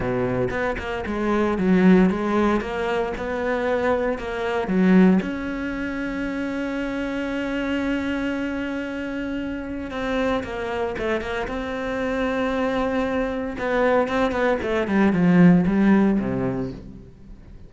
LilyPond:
\new Staff \with { instrumentName = "cello" } { \time 4/4 \tempo 4 = 115 b,4 b8 ais8 gis4 fis4 | gis4 ais4 b2 | ais4 fis4 cis'2~ | cis'1~ |
cis'2. c'4 | ais4 a8 ais8 c'2~ | c'2 b4 c'8 b8 | a8 g8 f4 g4 c4 | }